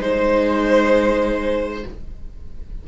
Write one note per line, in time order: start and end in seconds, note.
0.00 1.84 G#3
0.00 1.84 D#4
0.00 1.85 C5
0.00 1.88 C5